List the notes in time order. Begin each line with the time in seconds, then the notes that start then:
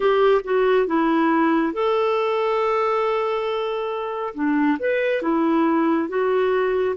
0.00 G4
0.43 F#4
0.86 E4
1.73 A4
4.34 D4
4.79 B4
5.22 E4
6.08 F#4